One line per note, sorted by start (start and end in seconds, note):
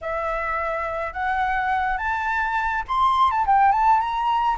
0.01 1.13 E5
1.13 1.97 F#5
1.97 2.83 A5
2.88 3.30 C6
3.30 3.45 A5
3.46 3.72 G5
3.72 3.99 A5
3.99 4.57 A#5